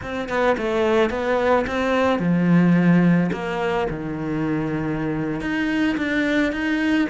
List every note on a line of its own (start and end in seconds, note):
0.02 0.28 C4
0.28 0.56 B3
0.57 1.10 A3
1.10 1.65 B3
1.67 2.19 C4
2.19 3.30 F3
3.32 3.87 A#3
3.90 5.40 D#3
5.40 5.96 D#4
5.97 6.52 D4
6.52 7.08 D#4